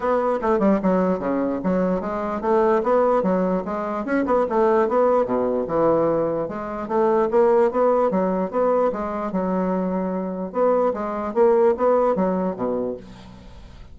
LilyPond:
\new Staff \with { instrumentName = "bassoon" } { \time 4/4 \tempo 4 = 148 b4 a8 g8 fis4 cis4 | fis4 gis4 a4 b4 | fis4 gis4 cis'8 b8 a4 | b4 b,4 e2 |
gis4 a4 ais4 b4 | fis4 b4 gis4 fis4~ | fis2 b4 gis4 | ais4 b4 fis4 b,4 | }